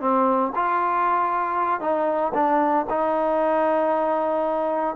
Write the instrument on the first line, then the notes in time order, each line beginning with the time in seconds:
trombone
0.00 C4
0.55 F4
1.80 D#4
2.34 D4
2.89 D#4